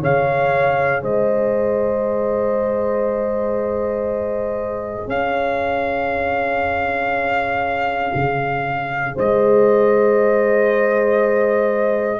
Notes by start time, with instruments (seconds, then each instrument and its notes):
0.00 tuba C#3, trombone G#4, horn C#5, trumpet F5
1.02 tuba G#3, horn C5, trumpet D#5
5.07 tuba C#4, horn C#5, trumpet F5
8.14 tuba C#3
9.15 tuba G#3, horn C5, trumpet D#5